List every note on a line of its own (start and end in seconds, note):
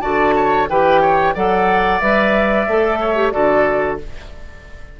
0.00 0.68 D3
0.00 0.66 F#4
0.00 0.34 D5
0.00 0.66 A5
0.36 0.69 C#5
0.68 1.34 E3
0.68 1.35 G4
0.68 1.01 B4
0.68 1.35 G5
1.01 1.34 C#5
1.34 2.01 F#3
1.34 2.01 A4
1.34 2.99 D5
1.34 2.00 F#5
2.00 2.67 G3
2.00 2.67 B4
2.00 3.31 E5
2.67 3.33 A3
2.67 3.15 A4
3.00 3.33 C#5
3.15 3.31 G4
3.31 4.00 D3
3.31 3.98 F#4
3.31 3.99 A4
3.31 3.97 D5